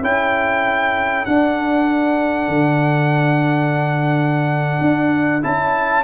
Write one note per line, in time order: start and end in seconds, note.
0.00 1.26 C#4
0.00 1.26 E4
0.00 6.03 A4
0.00 1.26 G5
1.26 5.43 D4
1.26 2.49 D4
1.26 5.43 F#5
2.49 4.81 D3
4.81 5.43 D4
5.43 6.04 C#4
5.43 6.04 E4
5.43 6.04 A5